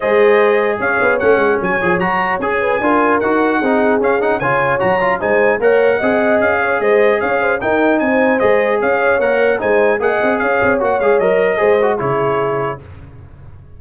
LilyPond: <<
  \new Staff \with { instrumentName = "trumpet" } { \time 4/4 \tempo 4 = 150 dis''2 f''4 fis''4 | gis''4 ais''4 gis''2 | fis''2 f''8 fis''8 gis''4 | ais''4 gis''4 fis''2 |
f''4 dis''4 f''4 g''4 | gis''4 dis''4 f''4 fis''4 | gis''4 fis''4 f''4 fis''8 f''8 | dis''2 cis''2 | }
  \new Staff \with { instrumentName = "horn" } { \time 4/4 c''2 cis''2~ | cis''2~ cis''8 b'8 ais'4~ | ais'4 gis'2 cis''4~ | cis''4 c''4 cis''4 dis''4~ |
dis''8 cis''8 c''4 cis''8 c''8 ais'4 | c''2 cis''2 | c''4 dis''4 cis''2~ | cis''4 c''4 gis'2 | }
  \new Staff \with { instrumentName = "trombone" } { \time 4/4 gis'2. cis'4~ | cis'8 gis'8 fis'4 gis'4 f'4 | fis'4 dis'4 cis'8 dis'8 f'4 | fis'8 f'8 dis'4 ais'4 gis'4~ |
gis'2. dis'4~ | dis'4 gis'2 ais'4 | dis'4 gis'2 fis'8 gis'8 | ais'4 gis'8 fis'8 e'2 | }
  \new Staff \with { instrumentName = "tuba" } { \time 4/4 gis2 cis'8 b8 a8 gis8 | fis8 f8 fis4 cis'4 d'4 | dis'4 c'4 cis'4 cis4 | fis4 gis4 ais4 c'4 |
cis'4 gis4 cis'4 dis'4 | c'4 gis4 cis'4 ais4 | gis4 ais8 c'8 cis'8 c'8 ais8 gis8 | fis4 gis4 cis2 | }
>>